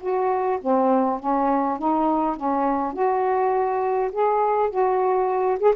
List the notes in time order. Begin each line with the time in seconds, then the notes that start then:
0.00 F#4
0.61 C4
1.19 C#4
1.78 D#4
2.36 C#4
2.93 F#4
4.12 G#4
4.70 F#4
5.59 G#4